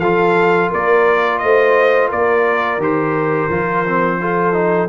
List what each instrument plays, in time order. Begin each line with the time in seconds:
0.00 tuba F3, trombone F4, horn A4, trumpet F5
0.69 tuba A#3, horn A#4, trumpet D5
1.38 tuba A3, horn C5, trumpet D#5
2.10 tuba A#3, horn A#4, trumpet D5
2.78 tuba D#3, trombone G4, trumpet C5
3.49 tuba F3, trombone F4
3.86 trombone C4
4.21 trombone F4, horn A4
4.53 trombone D#4